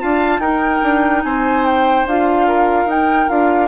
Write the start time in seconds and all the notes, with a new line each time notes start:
0.00 D4 F4 F5 A5
0.39 D#4 A#4 G5
0.84 D4
1.24 C4 C5 G#5
1.65 G5
2.06 D4 F4 F5
2.48 A#4
2.86 D#4 G5
3.29 D4 F4 F5